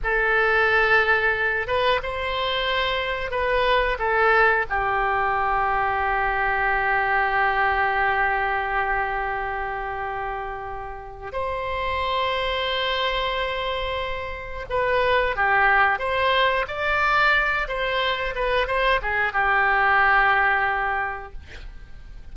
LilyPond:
\new Staff \with { instrumentName = "oboe" } { \time 4/4 \tempo 4 = 90 a'2~ a'8 b'8 c''4~ | c''4 b'4 a'4 g'4~ | g'1~ | g'1~ |
g'4 c''2.~ | c''2 b'4 g'4 | c''4 d''4. c''4 b'8 | c''8 gis'8 g'2. | }